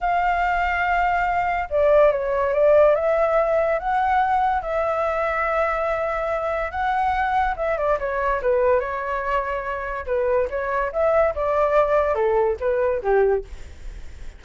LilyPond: \new Staff \with { instrumentName = "flute" } { \time 4/4 \tempo 4 = 143 f''1 | d''4 cis''4 d''4 e''4~ | e''4 fis''2 e''4~ | e''1 |
fis''2 e''8 d''8 cis''4 | b'4 cis''2. | b'4 cis''4 e''4 d''4~ | d''4 a'4 b'4 g'4 | }